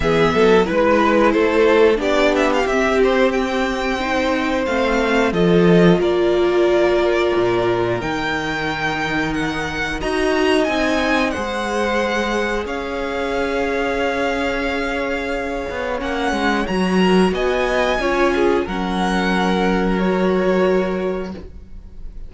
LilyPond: <<
  \new Staff \with { instrumentName = "violin" } { \time 4/4 \tempo 4 = 90 e''4 b'4 c''4 d''8 e''16 f''16 | e''8 c''8 g''2 f''4 | dis''4 d''2. | g''2 fis''4 ais''4 |
gis''4 fis''2 f''4~ | f''1 | fis''4 ais''4 gis''2 | fis''2 cis''2 | }
  \new Staff \with { instrumentName = "violin" } { \time 4/4 gis'8 a'8 b'4 a'4 g'4~ | g'2 c''2 | a'4 ais'2.~ | ais'2. dis''4~ |
dis''4 c''2 cis''4~ | cis''1~ | cis''4. ais'8 dis''4 cis''8 gis'8 | ais'1 | }
  \new Staff \with { instrumentName = "viola" } { \time 4/4 b4 e'2 d'4 | c'2 dis'4 c'4 | f'1 | dis'2. fis'4 |
dis'4 gis'2.~ | gis'1 | cis'4 fis'2 f'4 | cis'2 fis'2 | }
  \new Staff \with { instrumentName = "cello" } { \time 4/4 e8 fis8 gis4 a4 b4 | c'2. a4 | f4 ais2 ais,4 | dis2. dis'4 |
c'4 gis2 cis'4~ | cis'2.~ cis'8 b8 | ais8 gis8 fis4 b4 cis'4 | fis1 | }
>>